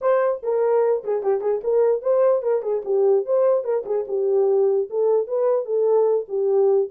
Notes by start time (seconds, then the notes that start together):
0.01 C5
0.42 A#4
1.04 G#4
1.22 G4
1.40 G#4
1.63 A#4
2.02 C5
2.42 A#4
2.62 G#4
2.85 G4
3.25 C5
3.63 A#4
3.85 G#4
4.07 G4
4.90 A4
5.27 B4
5.65 A4
6.28 G4